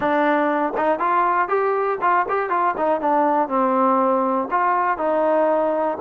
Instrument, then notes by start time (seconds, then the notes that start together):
trombone
0.00 D4
0.77 D#4
0.99 F4
1.48 G4
2.01 F4
2.28 G4
2.49 F4
2.77 D#4
3.00 D4
3.48 C4
4.50 F4
4.97 D#4